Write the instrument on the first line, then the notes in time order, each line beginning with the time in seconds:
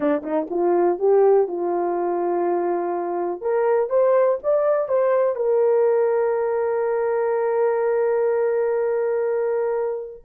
horn
0.00 D4
0.23 D#4
0.50 F4
0.98 G4
1.47 F4
3.41 A#4
3.89 C5
4.43 D5
4.88 C5
5.35 A#4